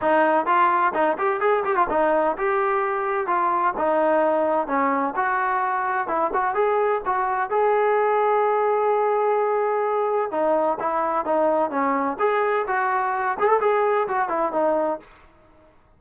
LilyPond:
\new Staff \with { instrumentName = "trombone" } { \time 4/4 \tempo 4 = 128 dis'4 f'4 dis'8 g'8 gis'8 g'16 f'16 | dis'4 g'2 f'4 | dis'2 cis'4 fis'4~ | fis'4 e'8 fis'8 gis'4 fis'4 |
gis'1~ | gis'2 dis'4 e'4 | dis'4 cis'4 gis'4 fis'4~ | fis'8 gis'16 a'16 gis'4 fis'8 e'8 dis'4 | }